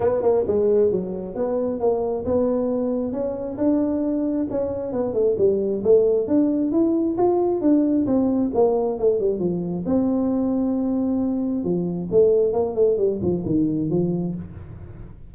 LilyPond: \new Staff \with { instrumentName = "tuba" } { \time 4/4 \tempo 4 = 134 b8 ais8 gis4 fis4 b4 | ais4 b2 cis'4 | d'2 cis'4 b8 a8 | g4 a4 d'4 e'4 |
f'4 d'4 c'4 ais4 | a8 g8 f4 c'2~ | c'2 f4 a4 | ais8 a8 g8 f8 dis4 f4 | }